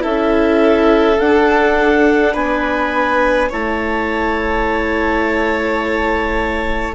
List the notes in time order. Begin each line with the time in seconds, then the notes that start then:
0.00 C#4 E4 A4 E5
1.20 D4 F#5
2.34 B3 B4 G#5
3.49 A3 E4 C#5 A5